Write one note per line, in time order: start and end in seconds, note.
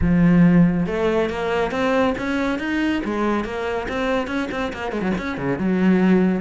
0.01 0.86 F3
0.86 1.29 A3
1.29 1.71 A#3
1.71 2.14 C4
2.17 2.59 C#4
2.59 3.01 D#4
3.04 3.44 G#3
3.44 3.87 A#3
3.88 4.27 C4
4.27 4.48 C#4
4.51 4.72 C4
4.73 4.91 A#3
4.91 5.01 G#3
5.01 5.12 F#3
5.17 5.37 C#4
5.37 5.58 C#3
5.58 6.41 F#3